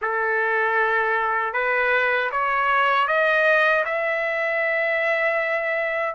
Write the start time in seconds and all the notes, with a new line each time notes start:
0.01 A4
1.53 B4
2.31 C#5
3.07 D#5
3.85 E5